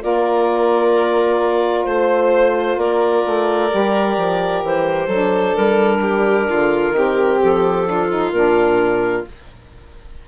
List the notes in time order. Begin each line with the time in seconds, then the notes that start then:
0.00 A#3 F4 A#4 D5
1.84 A3 C5
2.77 A#3 A#4 D5
3.26 A3
3.70 G3 G4
4.17 F3
4.63 E3 C5
5.07 F#3 D4 A4
5.56 G3 A#4
6.02 G4
6.50 D3 F4
6.91 D#3 C4
6.97 G4
7.43 F3 A4
7.86 D4 F4
8.09 D#4
8.32 A#2 D4 A#4